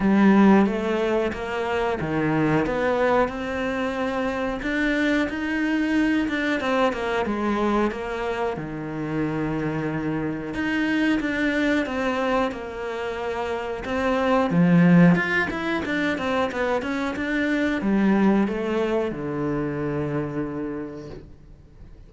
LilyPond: \new Staff \with { instrumentName = "cello" } { \time 4/4 \tempo 4 = 91 g4 a4 ais4 dis4 | b4 c'2 d'4 | dis'4. d'8 c'8 ais8 gis4 | ais4 dis2. |
dis'4 d'4 c'4 ais4~ | ais4 c'4 f4 f'8 e'8 | d'8 c'8 b8 cis'8 d'4 g4 | a4 d2. | }